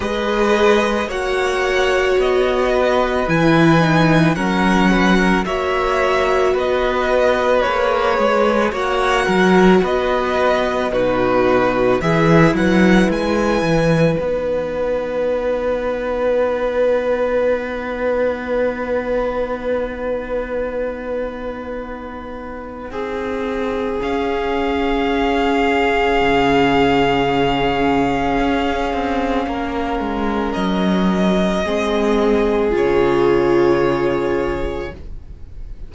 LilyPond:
<<
  \new Staff \with { instrumentName = "violin" } { \time 4/4 \tempo 4 = 55 dis''4 fis''4 dis''4 gis''4 | fis''4 e''4 dis''4 cis''4 | fis''4 dis''4 b'4 e''8 fis''8 | gis''4 fis''2.~ |
fis''1~ | fis''2 f''2~ | f''1 | dis''2 cis''2 | }
  \new Staff \with { instrumentName = "violin" } { \time 4/4 b'4 cis''4. b'4. | ais'8 b'16 ais'16 cis''4 b'2 | cis''8 ais'8 b'4 fis'4 gis'8 b'8~ | b'1~ |
b'1~ | b'4 gis'2.~ | gis'2. ais'4~ | ais'4 gis'2. | }
  \new Staff \with { instrumentName = "viola" } { \time 4/4 gis'4 fis'2 e'8 dis'8 | cis'4 fis'2 gis'4 | fis'2 dis'4 e'4~ | e'4 dis'2.~ |
dis'1~ | dis'2 cis'2~ | cis'1~ | cis'4 c'4 f'2 | }
  \new Staff \with { instrumentName = "cello" } { \time 4/4 gis4 ais4 b4 e4 | fis4 ais4 b4 ais8 gis8 | ais8 fis8 b4 b,4 e8 fis8 | gis8 e8 b2.~ |
b1~ | b4 c'4 cis'2 | cis2 cis'8 c'8 ais8 gis8 | fis4 gis4 cis2 | }
>>